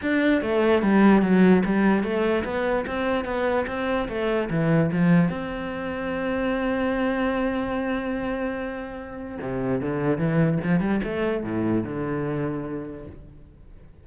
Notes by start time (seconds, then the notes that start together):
0.01 D4
0.41 A3
0.82 G3
1.22 F#3
1.65 G3
2.03 A3
2.44 B3
2.86 C4
3.24 B3
3.67 C4
4.08 A3
4.50 E3
4.92 F3
5.29 C4
9.41 C3
9.81 D3
10.18 E3
10.63 F3
10.80 G3
11.03 A3
11.43 A2
11.83 D3